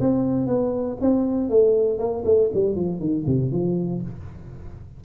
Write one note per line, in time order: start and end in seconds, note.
0.00 0.47 C4
0.47 0.97 B3
1.01 1.50 C4
1.50 1.99 A3
1.99 2.24 A#3
2.25 2.50 A3
2.54 2.76 G3
2.76 3.00 F3
3.00 3.25 D#3
3.26 3.52 C3
3.52 4.02 F3